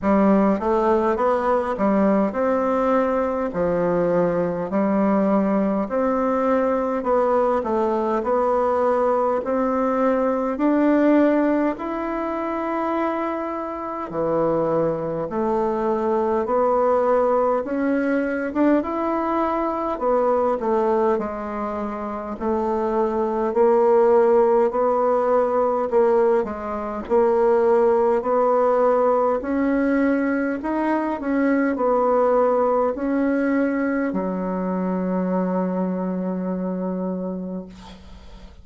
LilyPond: \new Staff \with { instrumentName = "bassoon" } { \time 4/4 \tempo 4 = 51 g8 a8 b8 g8 c'4 f4 | g4 c'4 b8 a8 b4 | c'4 d'4 e'2 | e4 a4 b4 cis'8. d'16 |
e'4 b8 a8 gis4 a4 | ais4 b4 ais8 gis8 ais4 | b4 cis'4 dis'8 cis'8 b4 | cis'4 fis2. | }